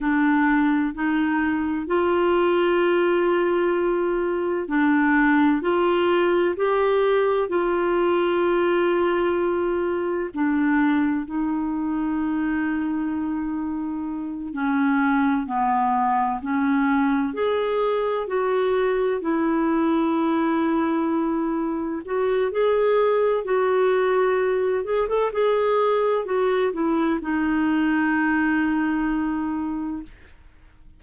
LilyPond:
\new Staff \with { instrumentName = "clarinet" } { \time 4/4 \tempo 4 = 64 d'4 dis'4 f'2~ | f'4 d'4 f'4 g'4 | f'2. d'4 | dis'2.~ dis'8 cis'8~ |
cis'8 b4 cis'4 gis'4 fis'8~ | fis'8 e'2. fis'8 | gis'4 fis'4. gis'16 a'16 gis'4 | fis'8 e'8 dis'2. | }